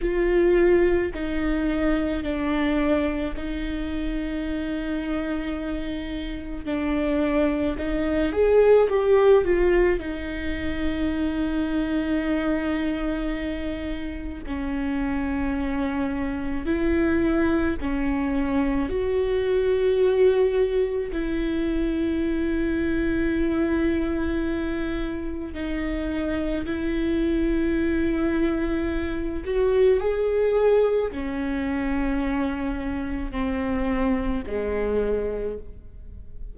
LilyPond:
\new Staff \with { instrumentName = "viola" } { \time 4/4 \tempo 4 = 54 f'4 dis'4 d'4 dis'4~ | dis'2 d'4 dis'8 gis'8 | g'8 f'8 dis'2.~ | dis'4 cis'2 e'4 |
cis'4 fis'2 e'4~ | e'2. dis'4 | e'2~ e'8 fis'8 gis'4 | cis'2 c'4 gis4 | }